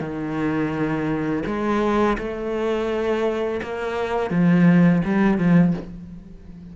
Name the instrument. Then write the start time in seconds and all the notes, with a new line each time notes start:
cello
0.00 D#3
1.46 G#3
2.18 A3
3.62 A#3
4.31 F3
5.05 G3
5.38 F3